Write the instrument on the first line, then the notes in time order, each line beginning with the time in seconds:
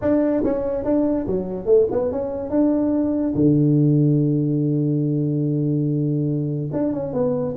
tuba
0.01 D4
0.44 C#4
0.84 D4
1.26 F#3
1.65 A3
1.91 B3
2.11 C#4
2.50 D4
3.34 D3
6.72 D4
6.92 C#4
7.13 B3